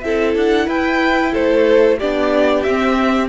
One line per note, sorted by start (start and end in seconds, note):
0.00 0.36 C4
0.00 2.00 E4
0.00 0.67 A4
0.00 0.33 E5
0.36 0.67 D4
0.36 0.69 F#5
0.67 1.32 E4
0.67 1.32 B4
0.67 1.34 G5
1.32 2.01 A3
1.32 1.98 A4
1.32 1.99 C5
1.98 2.66 B3
1.98 2.66 D4
1.98 3.28 G4
1.98 2.62 D5
2.62 3.28 C4
2.62 3.28 E5
2.68 3.28 C4